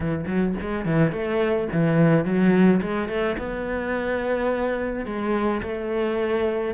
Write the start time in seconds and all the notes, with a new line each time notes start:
0.00 E3
0.26 F#3
0.60 G#3
0.85 E3
1.11 A3
1.72 E3
2.24 F#3
2.81 G#3
3.08 A3
3.38 B3
5.05 G#3
5.62 A3